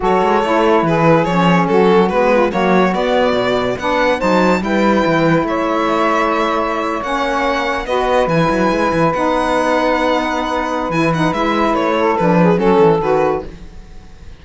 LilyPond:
<<
  \new Staff \with { instrumentName = "violin" } { \time 4/4 \tempo 4 = 143 cis''2 b'4 cis''4 | a'4 b'4 cis''4 d''4~ | d''4 fis''4 a''4 g''4~ | g''4 e''2.~ |
e''8. fis''2 dis''4 gis''16~ | gis''4.~ gis''16 fis''2~ fis''16~ | fis''2 gis''8 fis''8 e''4 | cis''4 b'4 a'4 b'4 | }
  \new Staff \with { instrumentName = "saxophone" } { \time 4/4 a'2 gis'2 | fis'4. f'8 fis'2~ | fis'4 b'4 c''4 b'4~ | b'4 cis''2.~ |
cis''2~ cis''8. b'4~ b'16~ | b'1~ | b'1~ | b'8 a'4 gis'8 a'2 | }
  \new Staff \with { instrumentName = "saxophone" } { \time 4/4 fis'4 e'2 cis'4~ | cis'4 b4 ais4 b4~ | b4 d'4 dis'4 e'4~ | e'1~ |
e'8. cis'2 fis'4 e'16~ | e'4.~ e'16 dis'2~ dis'16~ | dis'2 e'8 dis'8 e'4~ | e'4 d'4 cis'4 fis'4 | }
  \new Staff \with { instrumentName = "cello" } { \time 4/4 fis8 gis8 a4 e4 f4 | fis4 gis4 fis4 b4 | b,4 b4 fis4 g4 | e4 a2.~ |
a8. ais2 b4 e16~ | e16 fis8 gis8 e8 b2~ b16~ | b2 e4 gis4 | a4 f4 fis8 e8 dis4 | }
>>